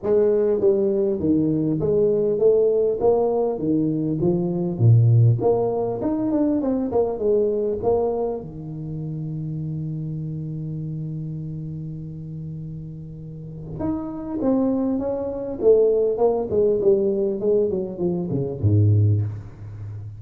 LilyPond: \new Staff \with { instrumentName = "tuba" } { \time 4/4 \tempo 4 = 100 gis4 g4 dis4 gis4 | a4 ais4 dis4 f4 | ais,4 ais4 dis'8 d'8 c'8 ais8 | gis4 ais4 dis2~ |
dis1~ | dis2. dis'4 | c'4 cis'4 a4 ais8 gis8 | g4 gis8 fis8 f8 cis8 gis,4 | }